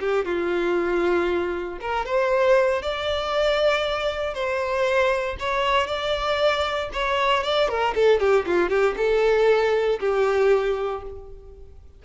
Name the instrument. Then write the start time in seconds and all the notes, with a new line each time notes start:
violin
0.00 G4
0.25 F4
1.81 A#4
2.05 C5
2.82 D5
4.34 C5
5.40 C#5
5.87 D5
6.93 C#5
7.43 D5
7.69 A#4
7.95 A4
8.20 G4
8.46 F4
8.69 G4
8.97 A4
10.00 G4